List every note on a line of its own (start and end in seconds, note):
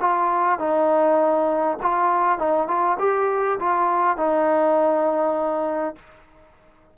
0.00 0.59 F4
0.59 1.78 D#4
1.82 2.38 F4
2.38 2.68 D#4
2.68 2.97 F4
2.99 3.58 G4
3.59 4.17 F4
4.17 5.95 D#4